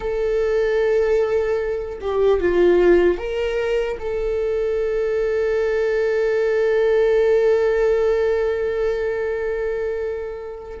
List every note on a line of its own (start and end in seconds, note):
0.00 1.99 A4
2.00 2.40 G4
2.40 3.18 F4
3.18 3.98 A#4
3.99 10.79 A4